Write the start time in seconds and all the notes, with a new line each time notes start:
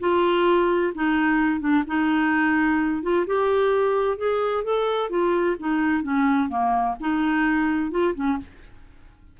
0.00 F4
0.95 D#4
1.60 D4
1.87 D#4
3.03 F4
3.27 G4
4.17 G#4
4.64 A4
5.10 F4
5.59 D#4
6.03 C#4
6.49 A#3
7.00 D#4
7.91 F4
8.15 C#4